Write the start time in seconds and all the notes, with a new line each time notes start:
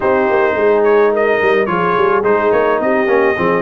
0.00 C4 D#4 G4 C5
0.30 A#3
0.54 G#3 G#4
0.83 C#5
1.12 A#4 D#5
1.41 G3
1.66 F3 F4 G#4 C#5
1.97 G3
2.23 G#3 D#4 C5
2.51 A#3 C#5
2.80 C4 G4 D#5
3.07 A#3 C#4
3.37 F3 C4 G#4